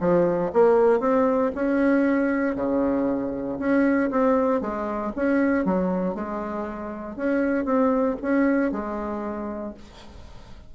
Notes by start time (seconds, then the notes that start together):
0.00 F3
0.53 A#3
1.00 C4
1.55 C#4
2.55 C#3
3.59 C#4
4.10 C4
4.61 G#3
5.15 C#4
5.65 F#3
6.14 G#3
7.16 C#4
7.65 C4
8.21 C#4
8.71 G#3